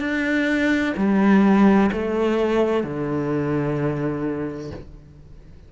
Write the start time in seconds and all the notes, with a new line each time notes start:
0.00 D4
0.97 G3
1.93 A3
2.84 D3